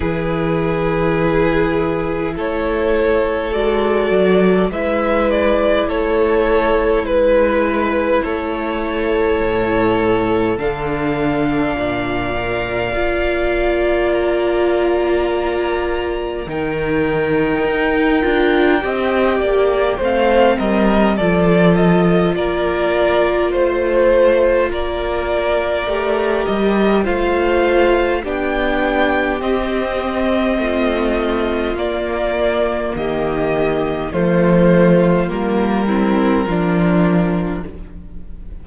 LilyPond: <<
  \new Staff \with { instrumentName = "violin" } { \time 4/4 \tempo 4 = 51 b'2 cis''4 d''4 | e''8 d''8 cis''4 b'4 cis''4~ | cis''4 f''2. | ais''2 g''2~ |
g''4 f''8 dis''8 d''8 dis''8 d''4 | c''4 d''4. dis''8 f''4 | g''4 dis''2 d''4 | dis''4 c''4 ais'2 | }
  \new Staff \with { instrumentName = "violin" } { \time 4/4 gis'2 a'2 | b'4 a'4 b'4 a'4~ | a'2 d''2~ | d''2 ais'2 |
dis''8 d''8 c''8 ais'8 a'4 ais'4 | c''4 ais'2 c''4 | g'2 f'2 | g'4 f'4. e'8 f'4 | }
  \new Staff \with { instrumentName = "viola" } { \time 4/4 e'2. fis'4 | e'1~ | e'4 d'4. ais'8 f'4~ | f'2 dis'4. f'8 |
g'4 c'4 f'2~ | f'2 g'4 f'4 | d'4 c'2 ais4~ | ais4 a4 ais8 c'8 d'4 | }
  \new Staff \with { instrumentName = "cello" } { \time 4/4 e2 a4 gis8 fis8 | gis4 a4 gis4 a4 | a,4 d4 ais,4 ais4~ | ais2 dis4 dis'8 d'8 |
c'8 ais8 a8 g8 f4 ais4 | a4 ais4 a8 g8 a4 | b4 c'4 a4 ais4 | dis4 f4 g4 f4 | }
>>